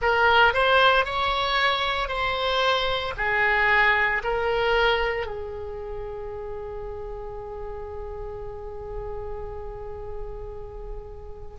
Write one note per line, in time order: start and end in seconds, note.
0.01 0.53 A#4
0.53 1.05 C5
1.05 2.08 C#5
2.08 3.13 C5
3.17 4.22 G#4
4.23 5.26 A#4
5.26 11.57 G#4